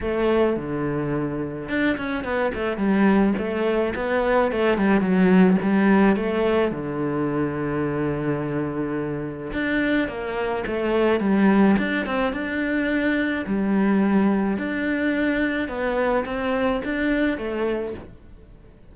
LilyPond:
\new Staff \with { instrumentName = "cello" } { \time 4/4 \tempo 4 = 107 a4 d2 d'8 cis'8 | b8 a8 g4 a4 b4 | a8 g8 fis4 g4 a4 | d1~ |
d4 d'4 ais4 a4 | g4 d'8 c'8 d'2 | g2 d'2 | b4 c'4 d'4 a4 | }